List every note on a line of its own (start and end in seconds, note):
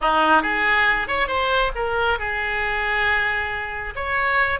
0.01 0.42 D#4
0.42 1.07 G#4
1.07 1.27 C#5
1.27 1.71 C5
1.75 2.18 A#4
2.18 3.94 G#4
3.95 4.59 C#5